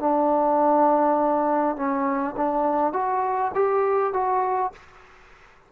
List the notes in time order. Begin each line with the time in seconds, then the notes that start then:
0.00 D4
1.76 C#4
2.37 D4
2.93 F#4
3.55 G4
4.13 F#4